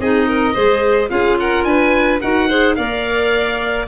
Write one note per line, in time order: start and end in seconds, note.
0.00 0.56 C4
0.00 0.55 D#4
0.00 0.28 G#4
0.00 1.10 D#5
0.28 0.54 A#4
0.54 1.11 G#3
0.54 1.09 G#4
0.54 1.10 C5
1.09 1.65 C#4
1.09 2.20 F4
1.09 1.40 G#4
1.09 1.38 F5
1.40 1.67 A#4
1.40 1.64 F#5
1.64 2.21 D4
1.64 2.21 B4
1.64 2.20 G#5
2.21 2.78 D#4
2.21 2.49 F#4
2.21 2.48 A#4
2.21 2.76 F#5
2.48 2.77 G#4
2.48 2.76 C5
2.76 3.88 A#3
2.76 3.88 A#4
2.76 3.88 D5
2.76 3.87 F5